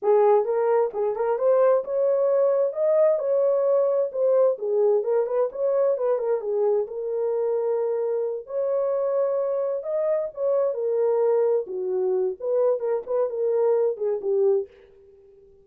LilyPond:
\new Staff \with { instrumentName = "horn" } { \time 4/4 \tempo 4 = 131 gis'4 ais'4 gis'8 ais'8 c''4 | cis''2 dis''4 cis''4~ | cis''4 c''4 gis'4 ais'8 b'8 | cis''4 b'8 ais'8 gis'4 ais'4~ |
ais'2~ ais'8 cis''4.~ | cis''4. dis''4 cis''4 ais'8~ | ais'4. fis'4. b'4 | ais'8 b'8 ais'4. gis'8 g'4 | }